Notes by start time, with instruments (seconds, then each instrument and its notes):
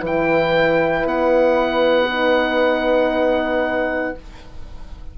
0.00 bassoon E3, horn E4 B4, oboe G5
1.04 bassoon B3, oboe F#5
2.09 horn D#4